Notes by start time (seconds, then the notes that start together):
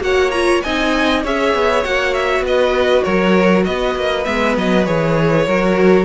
0.00 A#3 F#4 C#5 F#5
0.31 F4 A#5
0.62 C4 D#4 D#5 G#5
1.23 C#4 G#4 C#5 E5
1.54 B3
1.84 A#3 F#4 F#5
2.14 E5
2.40 B3 B4
2.47 D#5
3.03 F#3 A#4 C#5
3.65 B3 B4 D#5
3.95 A#3
4.24 G#3 B3 E5
4.57 F#3 D#5
4.85 E3 G#4 C#5
5.45 F#3 F#4 A#4